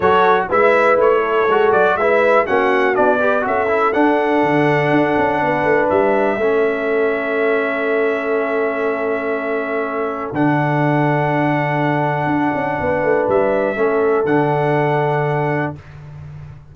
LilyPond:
<<
  \new Staff \with { instrumentName = "trumpet" } { \time 4/4 \tempo 4 = 122 cis''4 e''4 cis''4. d''8 | e''4 fis''4 d''4 e''4 | fis''1 | e''1~ |
e''1~ | e''4 fis''2.~ | fis''2. e''4~ | e''4 fis''2. | }
  \new Staff \with { instrumentName = "horn" } { \time 4/4 a'4 b'4. a'4. | b'4 fis'4. b'8 a'4~ | a'2. b'4~ | b'4 a'2.~ |
a'1~ | a'1~ | a'2 b'2 | a'1 | }
  \new Staff \with { instrumentName = "trombone" } { \time 4/4 fis'4 e'2 fis'4 | e'4 cis'4 d'8 g'8 fis'8 e'8 | d'1~ | d'4 cis'2.~ |
cis'1~ | cis'4 d'2.~ | d'1 | cis'4 d'2. | }
  \new Staff \with { instrumentName = "tuba" } { \time 4/4 fis4 gis4 a4 gis8 fis8 | gis4 ais4 b4 cis'4 | d'4 d4 d'8 cis'8 b8 a8 | g4 a2.~ |
a1~ | a4 d2.~ | d4 d'8 cis'8 b8 a8 g4 | a4 d2. | }
>>